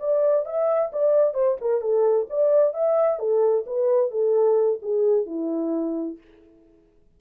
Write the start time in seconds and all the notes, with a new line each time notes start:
0.00 D5
0.46 E5
0.93 D5
1.34 C5
1.61 A#4
1.81 A4
2.30 D5
2.74 E5
3.19 A4
3.67 B4
4.11 A4
4.82 G#4
5.26 E4